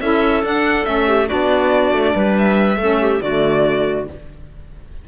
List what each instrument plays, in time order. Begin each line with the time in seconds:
0.00 cello C#4, saxophone E4, clarinet A4, violin E5
0.43 saxophone D4, cello D4, violin F#5
0.84 cello A3, saxophone C#4, violin E5
1.07 clarinet G4
1.26 cello B3, saxophone D4, clarinet F#4, violin D5
1.92 cello A3
2.14 cello G3, clarinet B4
2.38 violin E5
2.76 cello A3, saxophone C#4, clarinet A4
3.01 clarinet G4
3.22 cello D3, saxophone A3, clarinet F#4, violin D5